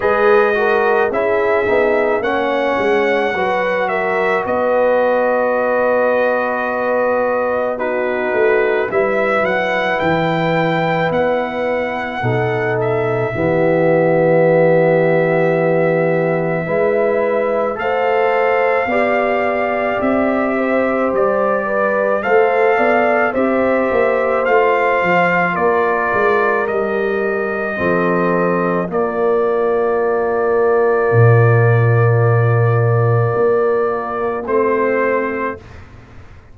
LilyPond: <<
  \new Staff \with { instrumentName = "trumpet" } { \time 4/4 \tempo 4 = 54 dis''4 e''4 fis''4. e''8 | dis''2. b'4 | e''8 fis''8 g''4 fis''4. e''8~ | e''1 |
f''2 e''4 d''4 | f''4 e''4 f''4 d''4 | dis''2 d''2~ | d''2. c''4 | }
  \new Staff \with { instrumentName = "horn" } { \time 4/4 b'8 ais'8 gis'4 cis''4 b'8 ais'8 | b'2. fis'4 | b'2. a'4 | g'2. b'4 |
c''4 d''4. c''4 b'8 | c''8 d''8 c''2 ais'4~ | ais'4 a'4 f'2~ | f'1 | }
  \new Staff \with { instrumentName = "trombone" } { \time 4/4 gis'8 fis'8 e'8 dis'8 cis'4 fis'4~ | fis'2. dis'4 | e'2. dis'4 | b2. e'4 |
a'4 g'2. | a'4 g'4 f'2 | g'4 c'4 ais2~ | ais2. c'4 | }
  \new Staff \with { instrumentName = "tuba" } { \time 4/4 gis4 cis'8 b8 ais8 gis8 fis4 | b2.~ b8 a8 | g8 fis8 e4 b4 b,4 | e2. gis4 |
a4 b4 c'4 g4 | a8 b8 c'8 ais8 a8 f8 ais8 gis8 | g4 f4 ais2 | ais,2 ais4 a4 | }
>>